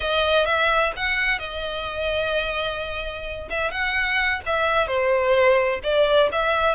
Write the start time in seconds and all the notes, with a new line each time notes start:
0.00 D#5
0.45 E5
0.96 F#5
1.38 D#5
3.50 E5
3.71 F#5
4.45 E5
4.87 C5
5.83 D5
6.31 E5